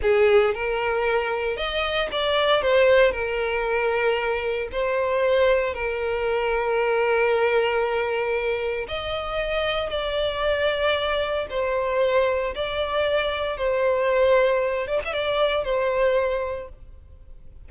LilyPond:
\new Staff \with { instrumentName = "violin" } { \time 4/4 \tempo 4 = 115 gis'4 ais'2 dis''4 | d''4 c''4 ais'2~ | ais'4 c''2 ais'4~ | ais'1~ |
ais'4 dis''2 d''4~ | d''2 c''2 | d''2 c''2~ | c''8 d''16 e''16 d''4 c''2 | }